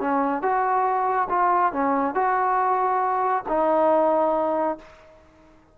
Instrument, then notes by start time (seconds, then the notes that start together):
trombone
0.00 C#4
0.42 F#4
1.29 F4
1.72 C#4
2.14 F#4
3.48 D#4